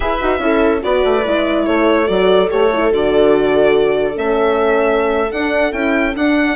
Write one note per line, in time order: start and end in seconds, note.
0.00 0.22 E4
0.00 0.20 G#4
0.00 0.41 B4
0.00 0.82 E5
0.21 0.38 D#4
0.21 0.40 F#4
0.38 0.80 C#4
0.38 0.81 E4
0.38 0.84 A4
0.82 1.04 B3
0.82 1.24 F#4
0.82 1.65 B4
0.82 1.66 D5
1.04 1.25 A3
1.24 1.67 G#3
1.24 2.07 E4
1.65 2.08 A3
1.65 6.54 A4
1.65 2.07 C#5
2.07 2.50 F#3
2.07 2.49 F#4
2.07 2.49 D5
2.49 2.91 A3
2.49 2.70 G4
2.49 2.92 C#5
2.73 2.91 E4
2.91 4.16 D3
2.91 4.14 F#4
2.91 4.17 D5
4.14 5.31 A3
4.14 5.28 C#4
4.14 5.31 E5
5.31 5.72 D4
5.31 5.72 F#5
5.72 6.14 C#4
5.72 6.13 E4
5.72 6.14 G5
6.14 6.55 D4
6.14 6.55 F#5